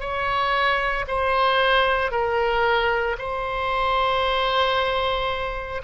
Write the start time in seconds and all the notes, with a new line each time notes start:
0.00 C#5
1.08 C5
2.11 A#4
3.19 C5